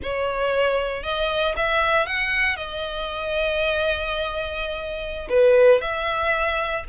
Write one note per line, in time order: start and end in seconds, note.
0.02 1.03 C#5
1.03 1.54 D#5
1.56 2.06 E5
2.06 2.56 F#5
2.56 5.28 D#5
5.29 5.81 B4
5.81 6.84 E5